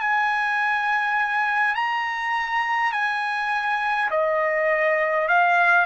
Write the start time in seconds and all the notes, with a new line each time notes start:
0.00 G#5
1.75 A#5
2.92 G#5
4.10 D#5
5.28 F5